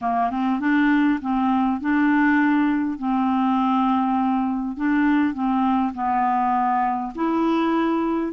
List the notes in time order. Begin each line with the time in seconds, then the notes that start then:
0.01 A#3
0.30 C4
0.60 D4
1.21 C4
1.81 D4
2.98 C4
4.77 D4
5.33 C4
5.94 B3
7.14 E4